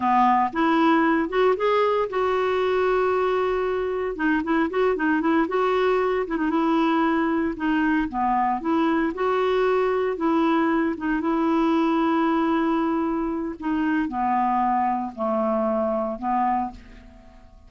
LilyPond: \new Staff \with { instrumentName = "clarinet" } { \time 4/4 \tempo 4 = 115 b4 e'4. fis'8 gis'4 | fis'1 | dis'8 e'8 fis'8 dis'8 e'8 fis'4. | e'16 dis'16 e'2 dis'4 b8~ |
b8 e'4 fis'2 e'8~ | e'4 dis'8 e'2~ e'8~ | e'2 dis'4 b4~ | b4 a2 b4 | }